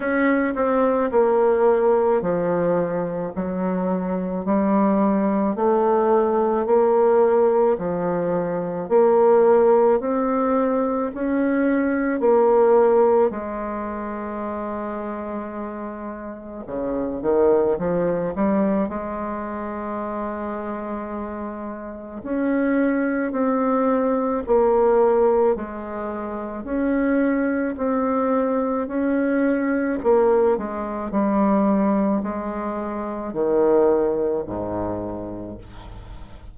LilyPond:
\new Staff \with { instrumentName = "bassoon" } { \time 4/4 \tempo 4 = 54 cis'8 c'8 ais4 f4 fis4 | g4 a4 ais4 f4 | ais4 c'4 cis'4 ais4 | gis2. cis8 dis8 |
f8 g8 gis2. | cis'4 c'4 ais4 gis4 | cis'4 c'4 cis'4 ais8 gis8 | g4 gis4 dis4 gis,4 | }